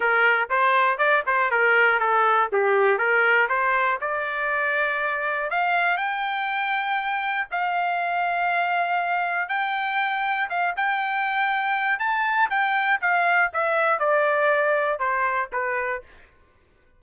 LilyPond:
\new Staff \with { instrumentName = "trumpet" } { \time 4/4 \tempo 4 = 120 ais'4 c''4 d''8 c''8 ais'4 | a'4 g'4 ais'4 c''4 | d''2. f''4 | g''2. f''4~ |
f''2. g''4~ | g''4 f''8 g''2~ g''8 | a''4 g''4 f''4 e''4 | d''2 c''4 b'4 | }